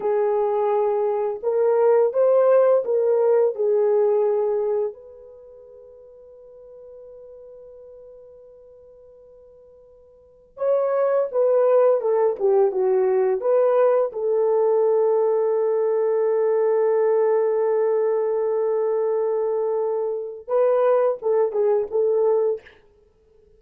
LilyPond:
\new Staff \with { instrumentName = "horn" } { \time 4/4 \tempo 4 = 85 gis'2 ais'4 c''4 | ais'4 gis'2 b'4~ | b'1~ | b'2. cis''4 |
b'4 a'8 g'8 fis'4 b'4 | a'1~ | a'1~ | a'4 b'4 a'8 gis'8 a'4 | }